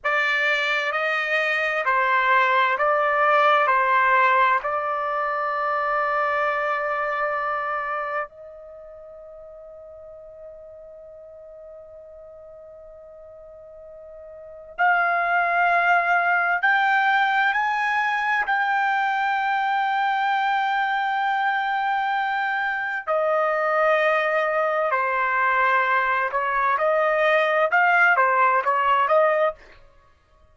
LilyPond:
\new Staff \with { instrumentName = "trumpet" } { \time 4/4 \tempo 4 = 65 d''4 dis''4 c''4 d''4 | c''4 d''2.~ | d''4 dis''2.~ | dis''1 |
f''2 g''4 gis''4 | g''1~ | g''4 dis''2 c''4~ | c''8 cis''8 dis''4 f''8 c''8 cis''8 dis''8 | }